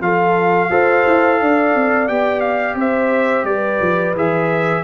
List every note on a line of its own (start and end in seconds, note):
0.00 0.69 F3
0.00 0.70 F4
0.00 0.70 A4
0.00 2.08 F5
0.69 1.04 F4
0.69 2.07 A4
0.69 1.39 C5
1.06 1.40 E4
1.40 1.74 D4
1.40 2.77 D5
1.74 2.08 C4
2.08 2.75 B3
2.08 4.15 G4
2.08 2.40 G5
2.40 2.75 F5
2.75 3.43 C4
2.75 3.46 C5
2.75 3.45 E5
3.43 3.78 G3
3.43 4.83 B4
3.43 4.14 D5
3.80 4.14 F3
4.14 4.83 E3
4.14 4.83 G#4
4.14 4.83 E5